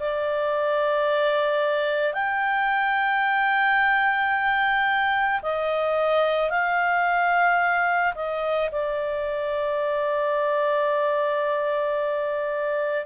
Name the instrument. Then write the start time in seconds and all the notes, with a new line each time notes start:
clarinet
0.00 D5
2.14 G5
5.42 D#5
6.51 F5
8.15 D#5
8.72 D5